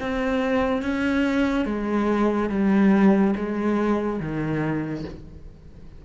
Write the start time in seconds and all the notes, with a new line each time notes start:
0.00 C4
0.82 C#4
1.66 G#3
2.50 G3
3.36 G#3
4.20 D#3